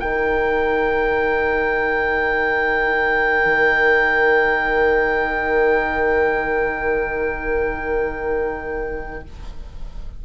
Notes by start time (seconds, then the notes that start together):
0.00 D#4 A#4 G5
3.46 D#3